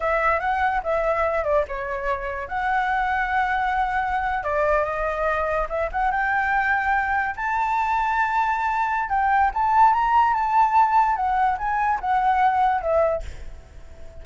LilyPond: \new Staff \with { instrumentName = "flute" } { \time 4/4 \tempo 4 = 145 e''4 fis''4 e''4. d''8 | cis''2 fis''2~ | fis''2~ fis''8. d''4 dis''16~ | dis''4.~ dis''16 e''8 fis''8 g''4~ g''16~ |
g''4.~ g''16 a''2~ a''16~ | a''2 g''4 a''4 | ais''4 a''2 fis''4 | gis''4 fis''2 e''4 | }